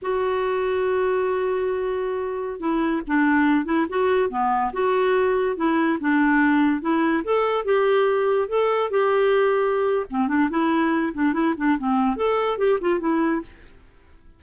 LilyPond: \new Staff \with { instrumentName = "clarinet" } { \time 4/4 \tempo 4 = 143 fis'1~ | fis'2~ fis'16 e'4 d'8.~ | d'8. e'8 fis'4 b4 fis'8.~ | fis'4~ fis'16 e'4 d'4.~ d'16~ |
d'16 e'4 a'4 g'4.~ g'16~ | g'16 a'4 g'2~ g'8. | c'8 d'8 e'4. d'8 e'8 d'8 | c'4 a'4 g'8 f'8 e'4 | }